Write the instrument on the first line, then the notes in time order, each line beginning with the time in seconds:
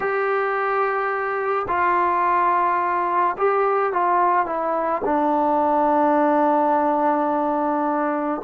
trombone
0.00 G4
1.68 F4
3.37 G4
3.92 F4
4.46 E4
5.05 D4